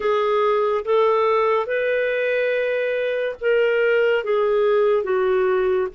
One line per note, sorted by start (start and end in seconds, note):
0.00 0.84 G#4
0.85 1.66 A4
1.66 3.35 B4
3.40 4.24 A#4
4.24 5.03 G#4
5.03 5.88 F#4